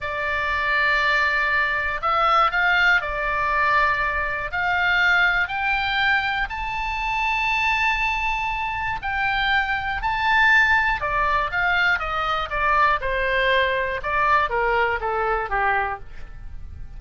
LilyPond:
\new Staff \with { instrumentName = "oboe" } { \time 4/4 \tempo 4 = 120 d''1 | e''4 f''4 d''2~ | d''4 f''2 g''4~ | g''4 a''2.~ |
a''2 g''2 | a''2 d''4 f''4 | dis''4 d''4 c''2 | d''4 ais'4 a'4 g'4 | }